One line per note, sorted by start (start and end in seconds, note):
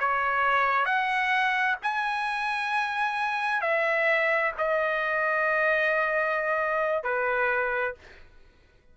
0.00 0.86 C#5
0.86 1.76 F#5
1.83 3.62 G#5
3.62 4.53 E5
4.58 7.04 D#5
7.04 7.95 B4